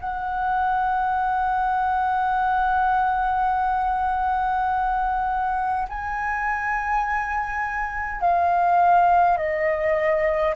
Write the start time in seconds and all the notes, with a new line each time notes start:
0.00 F#5
5.89 G#5
8.21 F5
9.37 D#5